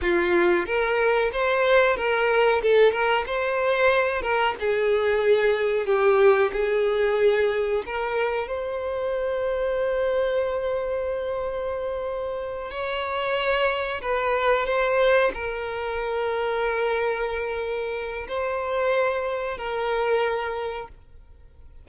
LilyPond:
\new Staff \with { instrumentName = "violin" } { \time 4/4 \tempo 4 = 92 f'4 ais'4 c''4 ais'4 | a'8 ais'8 c''4. ais'8 gis'4~ | gis'4 g'4 gis'2 | ais'4 c''2.~ |
c''2.~ c''8 cis''8~ | cis''4. b'4 c''4 ais'8~ | ais'1 | c''2 ais'2 | }